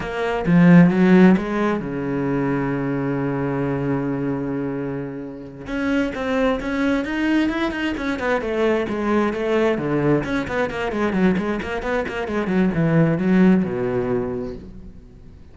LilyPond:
\new Staff \with { instrumentName = "cello" } { \time 4/4 \tempo 4 = 132 ais4 f4 fis4 gis4 | cis1~ | cis1~ | cis8 cis'4 c'4 cis'4 dis'8~ |
dis'8 e'8 dis'8 cis'8 b8 a4 gis8~ | gis8 a4 d4 cis'8 b8 ais8 | gis8 fis8 gis8 ais8 b8 ais8 gis8 fis8 | e4 fis4 b,2 | }